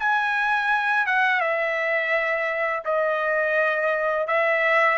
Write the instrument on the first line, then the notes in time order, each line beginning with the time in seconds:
trumpet
0.00 G#5
1.07 F#5
1.41 E5
2.85 D#5
4.28 E5